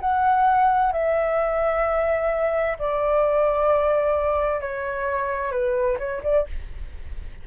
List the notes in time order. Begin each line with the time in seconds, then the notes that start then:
0.00 F#5
0.92 E5
2.79 D5
4.60 C#5
5.51 B4
5.99 C#5
6.23 D5